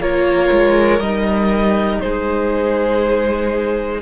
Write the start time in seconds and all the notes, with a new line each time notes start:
0.00 A#3 F4 A#4 C#5
0.51 G#3
0.99 G3 D#4 D#5
2.00 G#3 G#4 C5